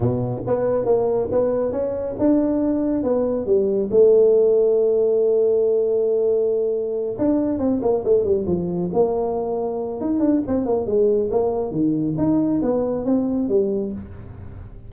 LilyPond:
\new Staff \with { instrumentName = "tuba" } { \time 4/4 \tempo 4 = 138 b,4 b4 ais4 b4 | cis'4 d'2 b4 | g4 a2.~ | a1~ |
a8 d'4 c'8 ais8 a8 g8 f8~ | f8 ais2~ ais8 dis'8 d'8 | c'8 ais8 gis4 ais4 dis4 | dis'4 b4 c'4 g4 | }